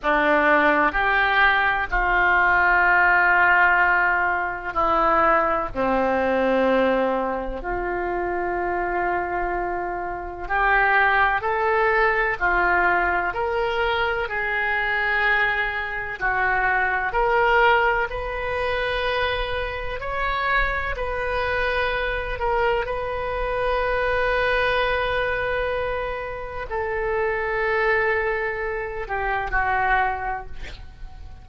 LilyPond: \new Staff \with { instrumentName = "oboe" } { \time 4/4 \tempo 4 = 63 d'4 g'4 f'2~ | f'4 e'4 c'2 | f'2. g'4 | a'4 f'4 ais'4 gis'4~ |
gis'4 fis'4 ais'4 b'4~ | b'4 cis''4 b'4. ais'8 | b'1 | a'2~ a'8 g'8 fis'4 | }